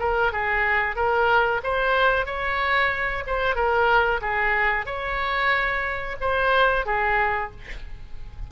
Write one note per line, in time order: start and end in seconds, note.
0.00 0.33 A#4
0.33 0.96 G#4
0.96 1.62 A#4
1.64 2.26 C5
2.26 3.24 C#5
3.27 3.56 C5
3.56 4.21 A#4
4.22 4.86 G#4
4.86 6.17 C#5
6.21 6.87 C5
6.87 7.52 G#4